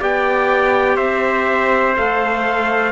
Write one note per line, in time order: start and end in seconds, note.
0.00 0.97 B3
0.00 1.96 G4
0.00 0.96 D5
0.00 0.97 G5
0.96 1.96 C4
0.96 2.92 C5
0.96 1.95 E5
1.96 2.92 A3
1.96 2.92 A4
1.96 2.92 F5